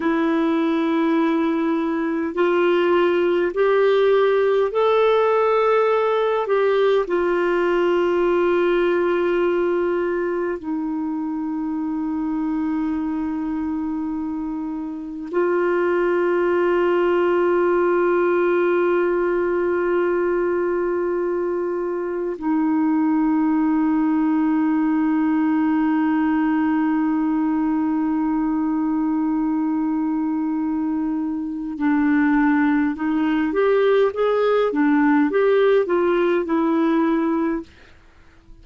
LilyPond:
\new Staff \with { instrumentName = "clarinet" } { \time 4/4 \tempo 4 = 51 e'2 f'4 g'4 | a'4. g'8 f'2~ | f'4 dis'2.~ | dis'4 f'2.~ |
f'2. dis'4~ | dis'1~ | dis'2. d'4 | dis'8 g'8 gis'8 d'8 g'8 f'8 e'4 | }